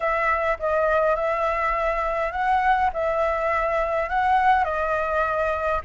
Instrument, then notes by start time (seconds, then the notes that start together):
flute
0.00 E5
0.59 D#5
1.15 E5
2.32 F#5
2.93 E5
4.09 F#5
4.64 D#5